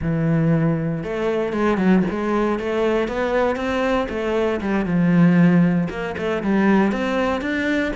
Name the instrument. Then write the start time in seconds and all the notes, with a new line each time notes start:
cello
0.01 E3
1.03 A3
1.52 G#3
1.77 F#3
2.10 G#3
2.59 A3
3.08 B3
3.56 C4
4.09 A3
4.60 G3
4.85 F3
5.89 A#3
6.17 A3
6.42 G3
6.92 C4
7.41 D4